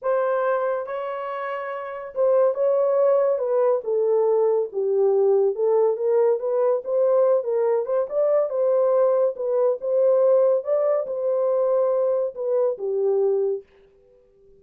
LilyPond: \new Staff \with { instrumentName = "horn" } { \time 4/4 \tempo 4 = 141 c''2 cis''2~ | cis''4 c''4 cis''2 | b'4 a'2 g'4~ | g'4 a'4 ais'4 b'4 |
c''4. ais'4 c''8 d''4 | c''2 b'4 c''4~ | c''4 d''4 c''2~ | c''4 b'4 g'2 | }